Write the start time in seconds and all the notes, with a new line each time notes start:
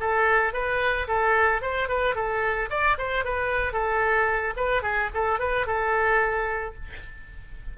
0.00 A4
0.53 B4
1.08 A4
1.61 C5
1.89 B4
2.15 A4
2.70 D5
2.98 C5
3.25 B4
3.73 A4
4.57 B4
4.83 G#4
5.14 A4
5.39 B4
5.67 A4